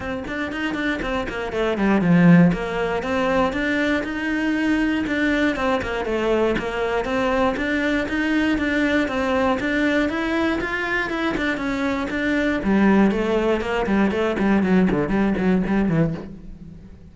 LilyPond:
\new Staff \with { instrumentName = "cello" } { \time 4/4 \tempo 4 = 119 c'8 d'8 dis'8 d'8 c'8 ais8 a8 g8 | f4 ais4 c'4 d'4 | dis'2 d'4 c'8 ais8 | a4 ais4 c'4 d'4 |
dis'4 d'4 c'4 d'4 | e'4 f'4 e'8 d'8 cis'4 | d'4 g4 a4 ais8 g8 | a8 g8 fis8 d8 g8 fis8 g8 e8 | }